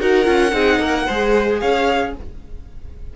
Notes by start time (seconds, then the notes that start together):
0.00 D#4 F#4 A#4 F#5
0.24 C#4 F4
0.53 C4 D#4 G#4
0.79 A#3 A#4
1.06 G#3 G#4 C5
1.60 C#4 C#5 F5